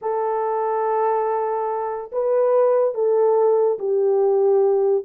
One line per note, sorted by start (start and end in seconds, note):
0.01 2.11 A4
2.12 2.94 B4
2.94 3.78 A4
3.78 5.04 G4